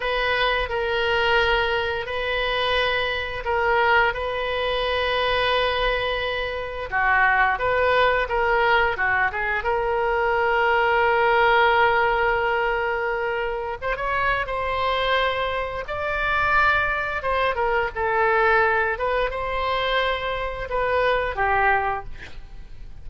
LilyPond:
\new Staff \with { instrumentName = "oboe" } { \time 4/4 \tempo 4 = 87 b'4 ais'2 b'4~ | b'4 ais'4 b'2~ | b'2 fis'4 b'4 | ais'4 fis'8 gis'8 ais'2~ |
ais'1 | c''16 cis''8. c''2 d''4~ | d''4 c''8 ais'8 a'4. b'8 | c''2 b'4 g'4 | }